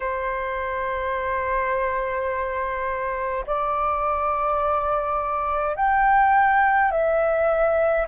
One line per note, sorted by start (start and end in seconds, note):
0.00 3.44 C5
3.46 5.76 D5
5.76 6.91 G5
6.91 8.06 E5